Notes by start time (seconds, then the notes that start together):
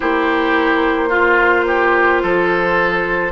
0.00 A#3 E4 G4 C5
1.09 F4
1.67 G4
2.22 F3 A4